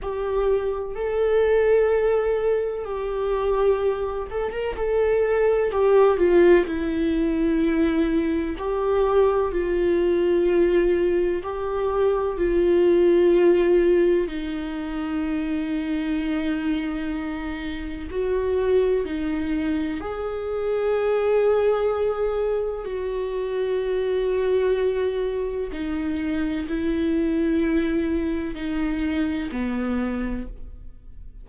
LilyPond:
\new Staff \with { instrumentName = "viola" } { \time 4/4 \tempo 4 = 63 g'4 a'2 g'4~ | g'8 a'16 ais'16 a'4 g'8 f'8 e'4~ | e'4 g'4 f'2 | g'4 f'2 dis'4~ |
dis'2. fis'4 | dis'4 gis'2. | fis'2. dis'4 | e'2 dis'4 b4 | }